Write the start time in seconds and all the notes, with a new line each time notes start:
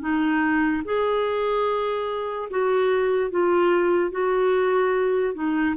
0.00 D#4
0.84 G#4
2.50 F#4
3.30 F4
4.11 F#4
5.34 D#4